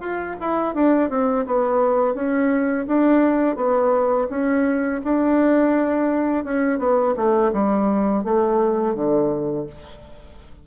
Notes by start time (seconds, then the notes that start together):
0.00 F4
0.40 E4
0.74 D4
1.09 C4
1.46 B3
2.14 C#4
2.87 D4
3.56 B3
4.30 C#4
5.04 D4
6.44 C#4
6.78 B3
7.16 A3
7.53 G3
8.24 A3
8.94 D3